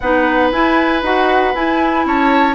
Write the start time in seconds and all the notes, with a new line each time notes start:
0.00 B3 D#4 B4 F#5
0.51 E4 G#5
1.02 D#4 F#4 F#5
1.54 E4 G#5
2.05 C#4 C#5 A5